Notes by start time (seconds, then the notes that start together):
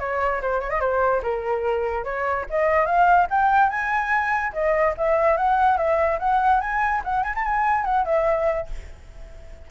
0.00 C#5
0.42 C5
0.61 C#5
0.70 D#5
0.81 C5
1.23 A#4
2.05 C#5
2.50 D#5
2.86 F5
3.31 G5
3.70 G#5
4.53 D#5
4.98 E5
5.38 F#5
5.78 E5
6.20 F#5
6.61 G#5
7.05 F#5
7.24 G#5
7.36 A5
7.45 G#5
7.85 F#5
8.06 E5